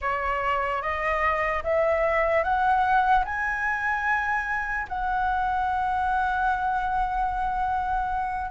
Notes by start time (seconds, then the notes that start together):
0.01 C#5
0.81 D#5
1.63 E5
2.43 F#5
3.24 G#5
4.88 F#5